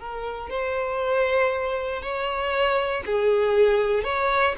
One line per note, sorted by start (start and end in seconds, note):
0.00 0.50 A#4
0.50 2.02 C5
2.02 3.04 C#5
3.06 4.04 G#4
4.04 4.55 C#5